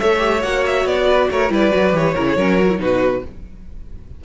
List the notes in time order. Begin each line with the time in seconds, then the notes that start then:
0.00 A3 A4 C#5 E5
0.18 G4
0.43 A#3 F#4 F#5
0.66 E5
0.85 B3 D5
1.07 B4
1.30 A3 A#4 C#5
1.50 G3 E4 B4 D5
1.71 F#3 F#4
1.93 E3 G4 C#5
2.14 C#3 E4 A#4
2.29 G#4
2.37 F#3 C#4 A#4
2.60 F#4
2.70 E4
2.77 B2 D#4 F#4 B4